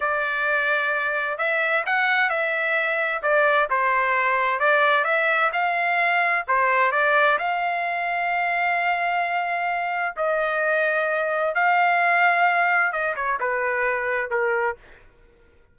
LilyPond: \new Staff \with { instrumentName = "trumpet" } { \time 4/4 \tempo 4 = 130 d''2. e''4 | fis''4 e''2 d''4 | c''2 d''4 e''4 | f''2 c''4 d''4 |
f''1~ | f''2 dis''2~ | dis''4 f''2. | dis''8 cis''8 b'2 ais'4 | }